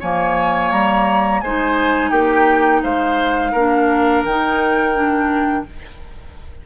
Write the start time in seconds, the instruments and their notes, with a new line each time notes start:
0.00 bassoon F3, clarinet A#3, oboe C#5, flute G#5
0.72 bassoon G3, flute A#5
1.41 bassoon G#3, clarinet D#4, oboe C5, flute G#5
2.10 bassoon A#3, oboe G4, flute G5
2.83 bassoon G#3, oboe C5, flute F5
3.52 bassoon A#3, clarinet D4, oboe A#4
4.24 bassoon D#3, clarinet D#4, flute G5
4.95 clarinet D4